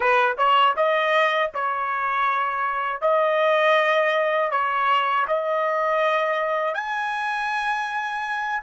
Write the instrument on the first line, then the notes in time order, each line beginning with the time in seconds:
trumpet
0.00 B4
0.38 C#5
0.76 D#5
1.54 C#5
3.01 D#5
4.51 C#5
5.27 D#5
6.74 G#5